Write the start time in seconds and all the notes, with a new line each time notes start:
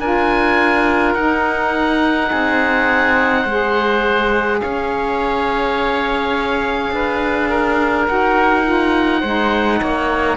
0.00 D4 F4 A#4 G#5
1.15 D#4 F#5
2.30 C4 G#4
3.42 G#3 C5
3.49 G#4
4.61 C#4 C#5 F5
6.92 D4 B4
7.50 A#4
8.06 D#4 F#4 F#5
8.63 F4
9.20 G#3 D#4 C5
9.81 A#3 C#5